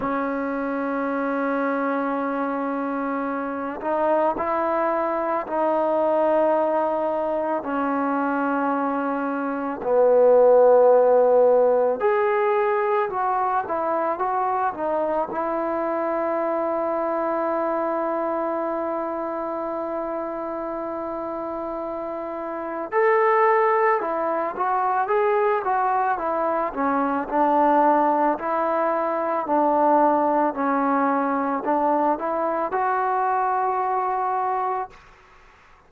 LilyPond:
\new Staff \with { instrumentName = "trombone" } { \time 4/4 \tempo 4 = 55 cis'2.~ cis'8 dis'8 | e'4 dis'2 cis'4~ | cis'4 b2 gis'4 | fis'8 e'8 fis'8 dis'8 e'2~ |
e'1~ | e'4 a'4 e'8 fis'8 gis'8 fis'8 | e'8 cis'8 d'4 e'4 d'4 | cis'4 d'8 e'8 fis'2 | }